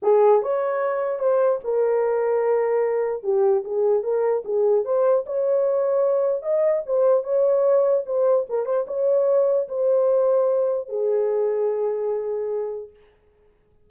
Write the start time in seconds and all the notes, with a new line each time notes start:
0.02 G#4
0.42 C#5
1.19 C5
1.64 A#4
3.23 G4
3.64 G#4
4.03 A#4
4.44 G#4
4.84 C5
5.26 C#5
6.42 D#5
6.85 C5
7.23 C#5
8.06 C5
8.49 A#4
8.65 C5
8.87 C#5
9.68 C5
10.88 G#4